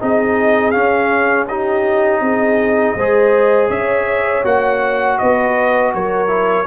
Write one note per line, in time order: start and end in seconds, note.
0.00 0.74 C4
0.00 0.73 D#4
0.00 1.47 G#4
0.00 0.71 D#5
0.71 1.47 C#4
0.71 2.21 C#4
0.71 1.45 F5
1.47 2.98 D#4
1.47 2.21 G4
1.47 3.70 D#5
2.21 2.95 C4
2.21 2.96 G#4
2.95 3.69 G#3
2.95 4.44 G#4
2.95 3.69 C5
3.69 4.44 C#4
3.69 5.17 C#5
3.69 4.44 E5
4.44 5.18 A#3
4.44 6.28 F#4
4.44 5.18 F#5
5.18 5.94 B3
5.18 5.93 B4
5.18 5.92 D#5
5.93 6.67 F#3
5.93 6.67 A#4
5.93 6.67 C#5
6.28 6.65 E4